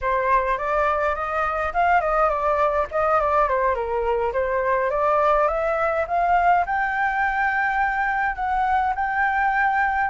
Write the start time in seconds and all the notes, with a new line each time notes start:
0.01 C5
0.58 D5
1.15 D#5
1.73 F5
2.01 D#5
2.29 D5
2.91 D#5
3.20 D5
3.48 C5
3.74 A#4
4.32 C5
4.90 D5
5.48 E5
6.07 F5
6.66 G5
8.35 F#5
8.95 G5